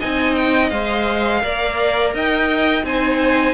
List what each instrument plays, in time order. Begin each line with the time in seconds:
0.00 cello C4, viola D#4, violin D#5 G#5
0.36 violin G5
0.70 cello G#3, viola C5, violin F5
1.41 cello A#3, viola A#4, violin D5
2.14 cello D#4, violin D#5 G5
2.84 cello C4, viola D#4, violin C5 G#5